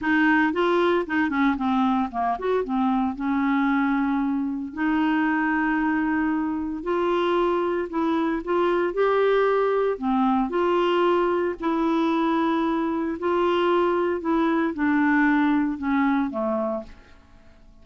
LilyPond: \new Staff \with { instrumentName = "clarinet" } { \time 4/4 \tempo 4 = 114 dis'4 f'4 dis'8 cis'8 c'4 | ais8 fis'8 c'4 cis'2~ | cis'4 dis'2.~ | dis'4 f'2 e'4 |
f'4 g'2 c'4 | f'2 e'2~ | e'4 f'2 e'4 | d'2 cis'4 a4 | }